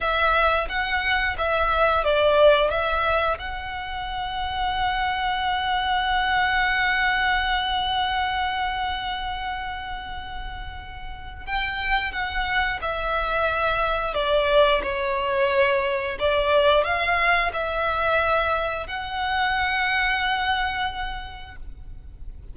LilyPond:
\new Staff \with { instrumentName = "violin" } { \time 4/4 \tempo 4 = 89 e''4 fis''4 e''4 d''4 | e''4 fis''2.~ | fis''1~ | fis''1~ |
fis''4 g''4 fis''4 e''4~ | e''4 d''4 cis''2 | d''4 f''4 e''2 | fis''1 | }